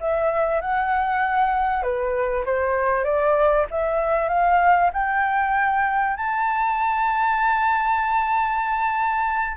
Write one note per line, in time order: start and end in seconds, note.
0.00 0.61 E5
0.61 1.82 F#5
1.82 2.44 B4
2.45 3.04 C5
3.04 3.66 D5
3.71 4.29 E5
4.29 4.91 F5
4.93 6.17 G5
6.17 9.57 A5